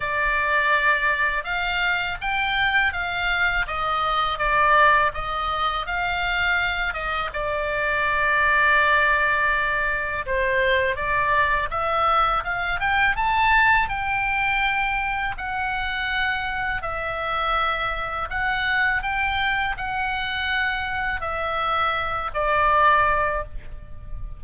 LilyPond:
\new Staff \with { instrumentName = "oboe" } { \time 4/4 \tempo 4 = 82 d''2 f''4 g''4 | f''4 dis''4 d''4 dis''4 | f''4. dis''8 d''2~ | d''2 c''4 d''4 |
e''4 f''8 g''8 a''4 g''4~ | g''4 fis''2 e''4~ | e''4 fis''4 g''4 fis''4~ | fis''4 e''4. d''4. | }